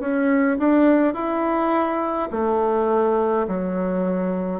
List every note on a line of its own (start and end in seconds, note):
0.00 0.58 C#4
0.59 1.14 D4
1.14 2.29 E4
2.31 3.47 A3
3.47 4.60 F#3